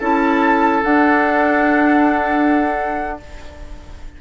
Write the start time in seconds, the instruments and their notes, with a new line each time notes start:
0.00 bassoon C#4, clarinet E4, oboe A4, flute A5
0.84 clarinet D4, bassoon D4, flute F#5